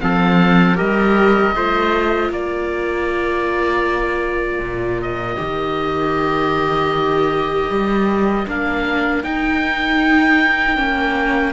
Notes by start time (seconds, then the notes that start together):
0.00 F3 C4 A4 F5
0.75 G3 G4 A#4 D#5
1.56 A3 F4 C5
2.30 A#3 A#4 D5
4.59 A#2
5.02 D#5
5.36 D#3 G4
7.70 G3
8.48 A#3 D4 F5
9.24 D#4 G5
10.76 A#3 C#4